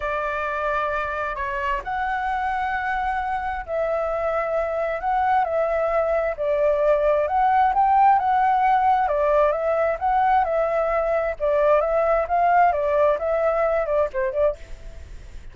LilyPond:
\new Staff \with { instrumentName = "flute" } { \time 4/4 \tempo 4 = 132 d''2. cis''4 | fis''1 | e''2. fis''4 | e''2 d''2 |
fis''4 g''4 fis''2 | d''4 e''4 fis''4 e''4~ | e''4 d''4 e''4 f''4 | d''4 e''4. d''8 c''8 d''8 | }